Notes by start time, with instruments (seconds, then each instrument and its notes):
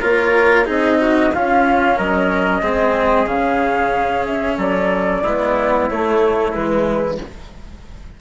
0.00 bassoon A#3, cello F4, trumpet A#4, flute C#5
0.65 bassoon C4, cello D#4, trumpet G#4, flute D#5
1.01 trumpet F#4
1.32 bassoon C#4, cello C#4, trumpet F4, flute F5
1.96 bassoon F#3, trumpet A#4, flute D#5
2.61 bassoon G#3, cello C4, trumpet G#4
3.27 bassoon C#3, cello C#4, flute F5
4.25 flute E5
4.57 bassoon F#3, trumpet A4, flute D5
5.22 bassoon G#3, cello B3, trumpet E4
5.88 cello A3, bassoon A3, flute C#5
6.52 bassoon E3, cello G#3, flute B4